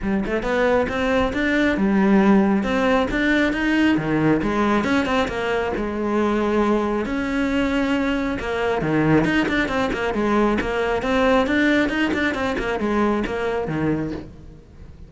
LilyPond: \new Staff \with { instrumentName = "cello" } { \time 4/4 \tempo 4 = 136 g8 a8 b4 c'4 d'4 | g2 c'4 d'4 | dis'4 dis4 gis4 cis'8 c'8 | ais4 gis2. |
cis'2. ais4 | dis4 dis'8 d'8 c'8 ais8 gis4 | ais4 c'4 d'4 dis'8 d'8 | c'8 ais8 gis4 ais4 dis4 | }